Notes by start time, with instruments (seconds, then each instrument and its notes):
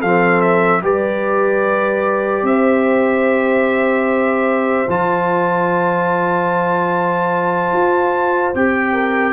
0.00 tuba F3, trombone C4, horn A4, trumpet F5
0.41 trumpet E5
0.82 tuba G3, trombone G4, horn B4, trumpet D5
2.43 tuba C4, horn C5, trumpet E5
4.88 tuba F3, trombone F4, trumpet A5
7.73 tuba F4
8.54 tuba C4, trombone G4, trumpet G5
8.93 horn A#4